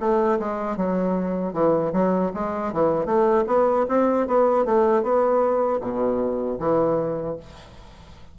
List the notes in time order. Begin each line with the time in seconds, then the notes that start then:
0.00 A3
0.39 G#3
0.77 F#3
1.53 E3
1.93 F#3
2.34 G#3
2.73 E3
3.06 A3
3.47 B3
3.89 C4
4.27 B3
4.65 A3
5.03 B3
5.81 B2
6.59 E3